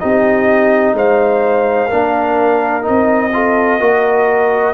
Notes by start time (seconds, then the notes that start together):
0.00 C4 D#4 G4 D#5
0.93 G#3 C5 F5
1.88 A#3 D4 A#4
2.82 D#4 D#5
2.89 C4
3.33 F4 A4
3.80 A#3 F#4 A#4